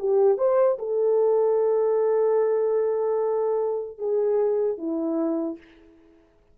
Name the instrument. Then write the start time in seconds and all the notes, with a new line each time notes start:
horn
0.00 G4
0.38 C5
0.79 A4
3.99 G#4
4.78 E4